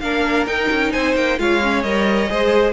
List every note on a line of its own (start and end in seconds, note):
0.00 0.47 A#3
0.00 0.47 D4
0.00 0.93 A#4
0.00 0.46 F5
0.47 0.69 D#4
0.47 1.38 D#4
0.47 0.92 G5
0.71 0.94 C#4
0.92 1.15 C4
0.92 1.38 C5
0.92 1.15 G#5
1.15 1.38 A#3
1.15 1.39 G5
1.38 1.84 G#3
1.38 1.61 F4
1.38 2.31 C#5
1.38 1.82 F5
1.62 1.85 C#4
1.82 2.29 G3
1.82 2.28 A#4
1.82 2.73 D#5
2.28 2.73 G#3
2.28 2.73 G#4
2.28 2.73 C5